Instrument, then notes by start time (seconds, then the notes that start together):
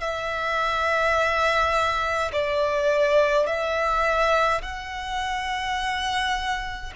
violin
0.00 E5
2.32 D5
3.46 E5
4.62 F#5